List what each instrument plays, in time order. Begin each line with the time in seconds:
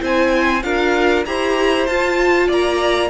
0.00 cello C4, viola E4, violin C5 G#5
0.63 cello D4, viola F4, violin A#4 F5
1.26 cello E4, viola G4, violin C5 A#5
1.87 viola F4, cello F4, violin A5
2.48 cello A#3, violin D5 A#5